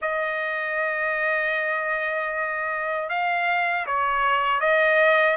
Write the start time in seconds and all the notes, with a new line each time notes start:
0.01 D#5
3.09 F5
3.86 C#5
4.60 D#5